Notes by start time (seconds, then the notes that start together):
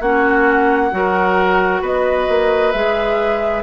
0.00 A#3 C#4 F#4 F#5
0.91 F#3 F#4 A#4
1.81 B3 B4 D#5
2.28 A#3
2.72 G#3 G#4 E5